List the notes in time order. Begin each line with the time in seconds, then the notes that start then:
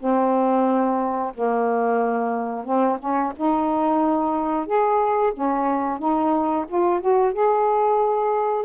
0.00 C4
1.35 A#3
2.65 C4
3.00 C#4
3.37 D#4
4.67 G#4
5.34 C#4
5.99 D#4
6.69 F4
7.01 F#4
7.34 G#4